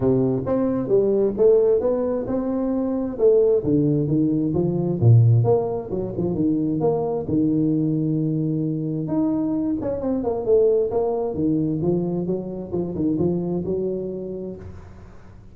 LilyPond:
\new Staff \with { instrumentName = "tuba" } { \time 4/4 \tempo 4 = 132 c4 c'4 g4 a4 | b4 c'2 a4 | d4 dis4 f4 ais,4 | ais4 fis8 f8 dis4 ais4 |
dis1 | dis'4. cis'8 c'8 ais8 a4 | ais4 dis4 f4 fis4 | f8 dis8 f4 fis2 | }